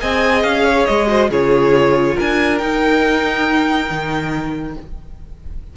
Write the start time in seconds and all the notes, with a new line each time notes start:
0.00 C4 G#4 D#5 G#5
0.43 C#4 F5
0.64 C#5
0.86 G#3 D#5
1.07 F#4 C5
1.30 C#3 F4 G#4 C#5
2.15 D4 A#4 G#5
2.58 D#4 G5
3.90 D#3